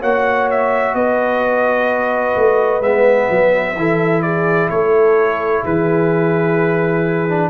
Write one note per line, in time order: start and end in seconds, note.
0.00 0.95 A#3
0.00 2.82 F#4
0.00 0.94 C#5
0.00 0.50 F#5
0.51 0.95 E5
0.95 2.35 B3
0.95 3.77 B4
0.95 2.83 D#5
2.36 2.81 A3
2.81 3.28 G#3
2.81 3.76 B3
2.81 4.22 E5
3.30 3.76 F#3
3.76 4.70 E3
3.76 7.29 E4
3.76 4.24 A4
4.22 4.71 G#4
4.22 4.69 D5
4.70 5.64 A3
4.70 5.64 A4
4.70 5.64 C#5
5.64 7.50 E3
5.64 7.50 G#4
5.64 7.50 B4
7.29 7.50 D4